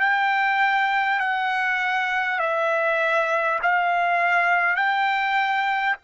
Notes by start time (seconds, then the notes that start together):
0.00 G5
1.20 F#5
2.39 E5
3.63 F5
4.76 G5